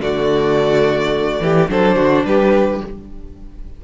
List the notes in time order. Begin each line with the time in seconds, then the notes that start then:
0.00 D3 A3 F#4 D5
1.40 E3 G4
1.68 F#3 D4 A4 C5
1.96 D3 F#4
2.24 G3 G4 B4